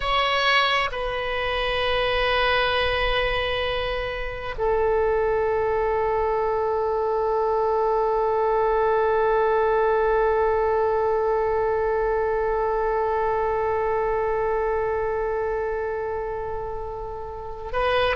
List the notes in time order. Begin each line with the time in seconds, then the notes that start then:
0.00 C#5
0.91 B4
4.57 A4
17.72 B4